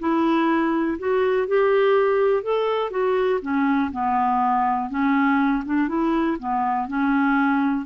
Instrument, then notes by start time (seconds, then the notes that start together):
clarinet
0.00 E4
0.99 F#4
1.48 G4
2.44 A4
2.91 F#4
3.42 C#4
3.92 B3
4.90 C#4
5.66 D4
5.89 E4
6.39 B3
6.89 C#4